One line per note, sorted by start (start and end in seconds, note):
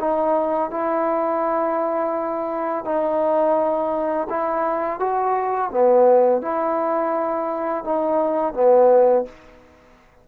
0.00 0.71 D#4
0.71 2.85 E4
2.85 4.28 D#4
4.30 5.00 E4
5.00 5.71 F#4
5.71 6.42 B3
6.42 7.84 E4
7.84 8.54 D#4
8.54 9.25 B3